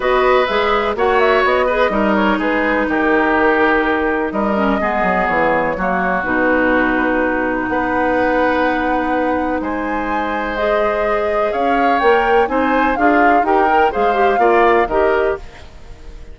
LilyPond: <<
  \new Staff \with { instrumentName = "flute" } { \time 4/4 \tempo 4 = 125 dis''4 e''4 fis''8 e''8 dis''4~ | dis''8 cis''8 b'4 ais'2~ | ais'4 dis''2 cis''4~ | cis''4 b'2. |
fis''1 | gis''2 dis''2 | f''4 g''4 gis''4 f''4 | g''4 f''2 dis''4 | }
  \new Staff \with { instrumentName = "oboe" } { \time 4/4 b'2 cis''4. b'8 | ais'4 gis'4 g'2~ | g'4 ais'4 gis'2 | fis'1 |
b'1 | c''1 | cis''2 c''4 f'4 | ais'4 c''4 d''4 ais'4 | }
  \new Staff \with { instrumentName = "clarinet" } { \time 4/4 fis'4 gis'4 fis'4. gis'8 | dis'1~ | dis'4. cis'8 b2 | ais4 dis'2.~ |
dis'1~ | dis'2 gis'2~ | gis'4 ais'4 dis'4 gis'4 | g'8 ais'8 gis'8 g'8 f'4 g'4 | }
  \new Staff \with { instrumentName = "bassoon" } { \time 4/4 b4 gis4 ais4 b4 | g4 gis4 dis2~ | dis4 g4 gis8 fis8 e4 | fis4 b,2. |
b1 | gis1 | cis'4 ais4 c'4 d'4 | dis'4 gis4 ais4 dis4 | }
>>